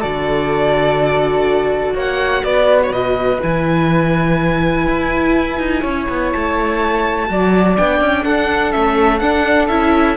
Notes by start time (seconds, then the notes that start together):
0.00 D3 F#4 A4 D5
1.94 A#3 C#5 F#5
2.43 B3 B4 D5
2.83 C#5
2.90 B2 D#5
3.41 E3 E4 G#5
4.87 E4
5.59 D#4
5.81 C#4 C#5
6.09 B3
6.32 A3 A5
7.26 F#3 F#4 D5
7.76 B3 D4 G5
8.00 C#4
8.24 D4 A4 F#5
8.72 A3 C#4 E5
9.19 D4 F#5
9.68 C#4 E4 E5